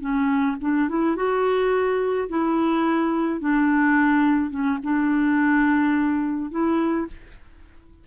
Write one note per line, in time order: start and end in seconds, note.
0.00 0.56 C#4
0.61 0.88 D4
0.88 1.16 E4
1.16 2.28 F#4
2.29 3.40 E4
3.40 4.50 D4
4.50 4.78 C#4
4.83 6.50 D4
6.50 7.07 E4